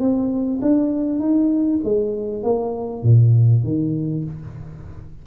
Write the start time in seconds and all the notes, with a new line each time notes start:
0.00 C4
0.62 D4
1.20 D#4
1.84 G#3
2.44 A#3
3.03 A#2
3.64 D#3